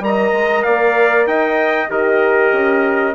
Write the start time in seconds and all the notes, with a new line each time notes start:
0.00 G3 A#4 A#5
0.07 D#5
0.32 G#3
0.63 A#3 D5 F5
1.26 D#4 D#5 G5
1.89 D#3 G4 A#4 D#5
2.52 C#4